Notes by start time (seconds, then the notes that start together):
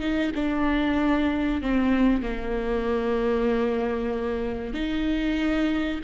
0.00 D#4
0.35 D4
1.61 C4
2.22 A#3
4.74 D#4